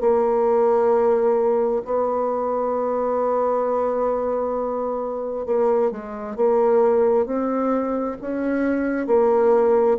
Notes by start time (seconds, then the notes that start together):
0.00 A#3
1.84 B3
5.45 A#3
5.91 G#3
6.36 A#3
7.26 C4
8.21 C#4
9.07 A#3